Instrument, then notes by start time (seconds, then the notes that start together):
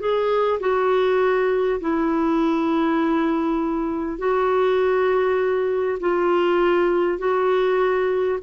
clarinet
0.00 G#4
0.61 F#4
1.81 E4
4.19 F#4
6.00 F4
7.19 F#4